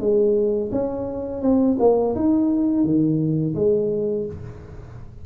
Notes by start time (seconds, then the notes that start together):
0.00 G#3
0.72 C#4
1.42 C4
1.80 A#3
2.15 D#4
2.84 D#3
3.55 G#3